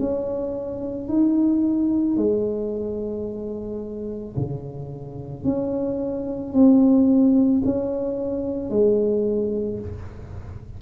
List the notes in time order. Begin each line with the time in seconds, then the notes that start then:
0.00 C#4
1.09 D#4
2.18 G#3
4.37 C#3
5.44 C#4
6.54 C4
7.66 C#4
8.70 G#3